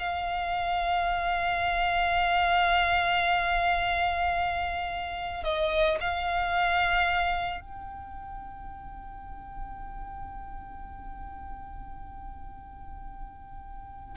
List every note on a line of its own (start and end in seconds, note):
0.00 5.44 F5
5.44 5.99 D#5
6.01 7.62 F5
7.62 14.16 G5